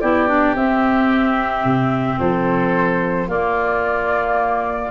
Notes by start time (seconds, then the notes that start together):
0.00 B3 E4 G4 D5
0.27 D4
0.55 C4 E5
1.64 C3
2.19 F3 A4 C5
3.27 A#3 F4 D5